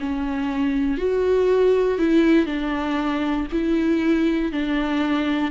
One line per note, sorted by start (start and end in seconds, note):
0.00 0.98 C#4
0.98 1.99 F#4
1.99 2.46 E4
2.46 3.47 D4
3.52 4.52 E4
4.52 5.51 D4